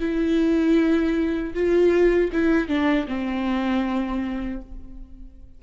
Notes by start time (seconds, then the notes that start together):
0.00 E4
1.54 F4
2.33 E4
2.69 D4
3.08 C4